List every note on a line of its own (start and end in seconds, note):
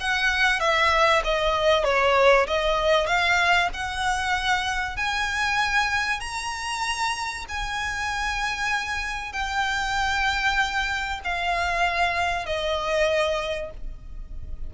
0.00 0.59 F#5
0.59 1.22 E5
1.24 1.84 D#5
1.84 2.46 C#5
2.47 3.06 D#5
3.06 3.69 F5
3.73 4.96 F#5
4.96 6.20 G#5
6.20 7.45 A#5
7.48 9.32 G#5
9.32 11.20 G5
11.24 12.45 F5
12.45 13.70 D#5